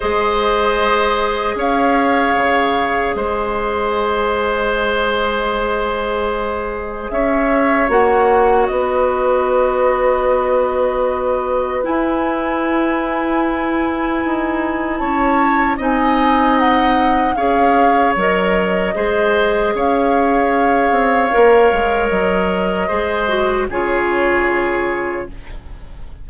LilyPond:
<<
  \new Staff \with { instrumentName = "flute" } { \time 4/4 \tempo 4 = 76 dis''2 f''2 | dis''1~ | dis''4 e''4 fis''4 dis''4~ | dis''2. gis''4~ |
gis''2. a''4 | gis''4 fis''4 f''4 dis''4~ | dis''4 f''2. | dis''2 cis''2 | }
  \new Staff \with { instrumentName = "oboe" } { \time 4/4 c''2 cis''2 | c''1~ | c''4 cis''2 b'4~ | b'1~ |
b'2. cis''4 | dis''2 cis''2 | c''4 cis''2.~ | cis''4 c''4 gis'2 | }
  \new Staff \with { instrumentName = "clarinet" } { \time 4/4 gis'1~ | gis'1~ | gis'2 fis'2~ | fis'2. e'4~ |
e'1 | dis'2 gis'4 ais'4 | gis'2. ais'4~ | ais'4 gis'8 fis'8 f'2 | }
  \new Staff \with { instrumentName = "bassoon" } { \time 4/4 gis2 cis'4 cis4 | gis1~ | gis4 cis'4 ais4 b4~ | b2. e'4~ |
e'2 dis'4 cis'4 | c'2 cis'4 fis4 | gis4 cis'4. c'8 ais8 gis8 | fis4 gis4 cis2 | }
>>